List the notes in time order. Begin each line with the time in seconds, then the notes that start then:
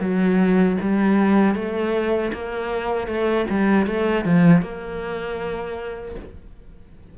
0.00 F#3
0.81 G3
1.55 A3
2.33 A#3
3.07 A3
3.50 G3
3.86 A3
4.25 F3
4.62 A#3